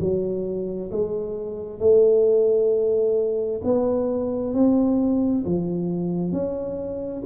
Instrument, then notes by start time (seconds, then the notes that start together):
tuba
0.00 F#3
0.91 G#3
1.80 A3
3.64 B3
4.54 C4
5.45 F3
6.32 C#4